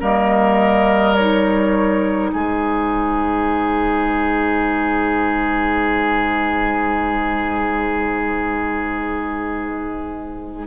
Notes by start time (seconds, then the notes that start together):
0.00 G3 A#3 A#4 D#5
1.15 D#4 C#5
2.30 G#3 G#4 C5